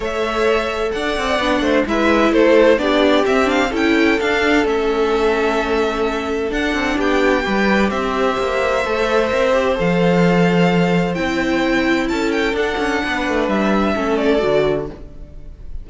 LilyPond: <<
  \new Staff \with { instrumentName = "violin" } { \time 4/4 \tempo 4 = 129 e''2 fis''2 | e''4 c''4 d''4 e''8 f''8 | g''4 f''4 e''2~ | e''2 fis''4 g''4~ |
g''4 e''2.~ | e''4 f''2. | g''2 a''8 g''8 fis''4~ | fis''4 e''4. d''4. | }
  \new Staff \with { instrumentName = "violin" } { \time 4/4 cis''2 d''4. c''8 | b'4 a'4 g'2 | a'1~ | a'2. g'4 |
b'4 c''2.~ | c''1~ | c''2 a'2 | b'2 a'2 | }
  \new Staff \with { instrumentName = "viola" } { \time 4/4 a'2. d'4 | e'2 d'4 c'8 d'8 | e'4 d'4 cis'2~ | cis'2 d'2 |
g'2. a'4 | ais'8 g'8 a'2. | e'2. d'4~ | d'2 cis'4 fis'4 | }
  \new Staff \with { instrumentName = "cello" } { \time 4/4 a2 d'8 c'8 b8 a8 | gis4 a4 b4 c'4 | cis'4 d'4 a2~ | a2 d'8 c'8 b4 |
g4 c'4 ais4 a4 | c'4 f2. | c'2 cis'4 d'8 cis'8 | b8 a8 g4 a4 d4 | }
>>